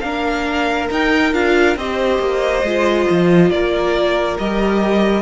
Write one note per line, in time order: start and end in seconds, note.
0.00 0.90 A#3
0.00 0.90 D4
0.00 1.78 A#4
0.00 0.87 F5
0.90 1.33 D#4
0.90 1.33 G5
1.33 1.76 D4
1.33 1.76 F4
1.33 1.77 F5
1.76 2.19 C4
1.76 2.65 G4
1.76 3.51 C5
1.76 3.50 D#5
2.19 2.62 A#3
2.63 3.06 G#3
2.63 4.39 F4
3.10 3.50 F3
3.50 4.37 A#3
3.50 5.22 A#4
3.50 4.37 D5
4.38 5.22 G3
4.38 5.22 G4
4.38 5.22 D#5